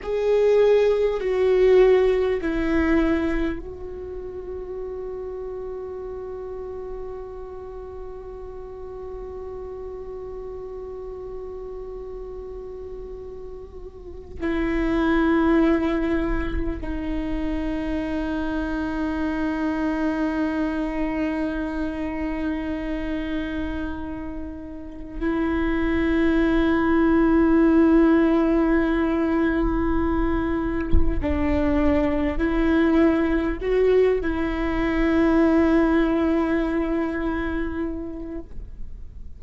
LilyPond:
\new Staff \with { instrumentName = "viola" } { \time 4/4 \tempo 4 = 50 gis'4 fis'4 e'4 fis'4~ | fis'1~ | fis'1 | e'2 dis'2~ |
dis'1~ | dis'4 e'2.~ | e'2 d'4 e'4 | fis'8 e'2.~ e'8 | }